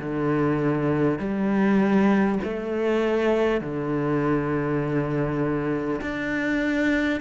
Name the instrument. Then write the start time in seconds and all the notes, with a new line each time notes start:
cello
0.00 D3
1.19 G3
2.44 A3
3.61 D3
6.02 D4